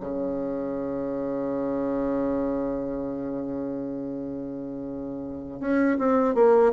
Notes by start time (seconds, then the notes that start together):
0.00 C#3
5.60 C#4
5.98 C4
6.34 A#3